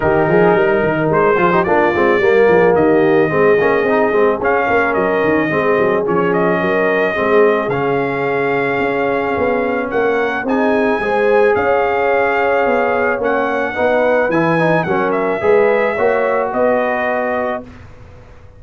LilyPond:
<<
  \new Staff \with { instrumentName = "trumpet" } { \time 4/4 \tempo 4 = 109 ais'2 c''4 d''4~ | d''4 dis''2. | f''4 dis''2 cis''8 dis''8~ | dis''2 f''2~ |
f''2 fis''4 gis''4~ | gis''4 f''2. | fis''2 gis''4 fis''8 e''8~ | e''2 dis''2 | }
  \new Staff \with { instrumentName = "horn" } { \time 4/4 g'8 gis'8 ais'4. gis'16 g'16 f'4 | ais'8 gis'8 g'4 gis'2~ | gis'8 ais'4. gis'2 | ais'4 gis'2.~ |
gis'2 ais'4 gis'4 | c''4 cis''2.~ | cis''4 b'2 ais'4 | b'4 cis''4 b'2 | }
  \new Staff \with { instrumentName = "trombone" } { \time 4/4 dis'2~ dis'8 f'16 dis'16 d'8 c'8 | ais2 c'8 cis'8 dis'8 c'8 | cis'2 c'4 cis'4~ | cis'4 c'4 cis'2~ |
cis'2. dis'4 | gis'1 | cis'4 dis'4 e'8 dis'8 cis'4 | gis'4 fis'2. | }
  \new Staff \with { instrumentName = "tuba" } { \time 4/4 dis8 f8 g8 dis8 gis8 f8 ais8 gis8 | g8 f8 dis4 gis8 ais8 c'8 gis8 | cis'8 ais8 fis8 dis8 gis8 fis8 f4 | fis4 gis4 cis2 |
cis'4 b4 ais4 c'4 | gis4 cis'2 b4 | ais4 b4 e4 fis4 | gis4 ais4 b2 | }
>>